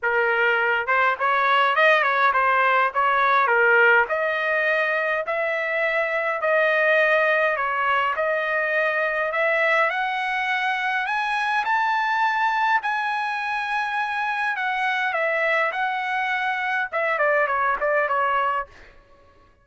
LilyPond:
\new Staff \with { instrumentName = "trumpet" } { \time 4/4 \tempo 4 = 103 ais'4. c''8 cis''4 dis''8 cis''8 | c''4 cis''4 ais'4 dis''4~ | dis''4 e''2 dis''4~ | dis''4 cis''4 dis''2 |
e''4 fis''2 gis''4 | a''2 gis''2~ | gis''4 fis''4 e''4 fis''4~ | fis''4 e''8 d''8 cis''8 d''8 cis''4 | }